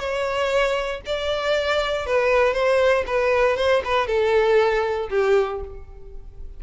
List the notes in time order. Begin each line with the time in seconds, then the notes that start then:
0.00 C#5
1.06 D5
2.07 B4
2.54 C5
3.07 B4
3.57 C5
3.85 B4
4.07 A4
5.10 G4